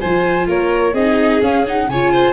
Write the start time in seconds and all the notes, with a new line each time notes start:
0.00 F3 F4 C5 G#5
0.47 A#3 A#4 C#5
0.93 C4 D#4 G#4 D#5
1.42 C#4 F5
1.66 D#4 F#5
1.88 C#3 F4 C#5 G#5
2.12 C5